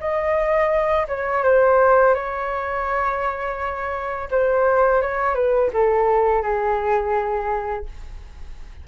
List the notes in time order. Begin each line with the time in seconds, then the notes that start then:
0.00 D#5
1.08 C#5
1.44 C5
2.15 C#5
4.31 C5
5.02 C#5
5.35 B4
5.74 A4
6.43 G#4